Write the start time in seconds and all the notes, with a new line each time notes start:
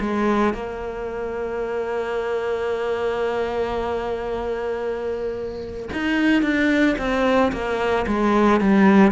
0.00 G#3
0.54 A#3
5.93 D#4
6.42 D4
6.98 C4
7.52 A#3
8.07 G#3
8.61 G3